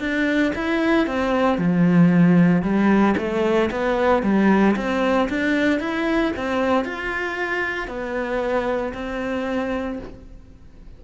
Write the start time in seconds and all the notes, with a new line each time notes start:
0.00 D4
0.56 E4
1.07 C4
1.58 F3
2.62 G3
3.17 A3
3.71 B3
4.23 G3
4.77 C4
5.29 D4
5.80 E4
6.36 C4
6.85 F4
7.88 B3
8.94 C4